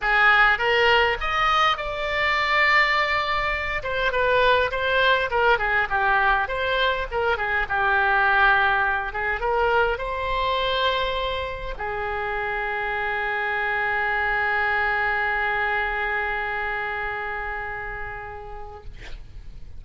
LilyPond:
\new Staff \with { instrumentName = "oboe" } { \time 4/4 \tempo 4 = 102 gis'4 ais'4 dis''4 d''4~ | d''2~ d''8 c''8 b'4 | c''4 ais'8 gis'8 g'4 c''4 | ais'8 gis'8 g'2~ g'8 gis'8 |
ais'4 c''2. | gis'1~ | gis'1~ | gis'1 | }